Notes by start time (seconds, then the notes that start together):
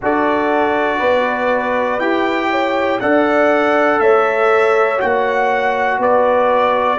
0.01 D4 F#4 A4 D5
0.99 B3 B4
1.99 E4 G4 G5
2.50 C#5
3.00 D4 A4 D5 F#5
3.99 A3 C#5 E5
4.97 A#3 F#4 F#5
5.98 B3 B4 D5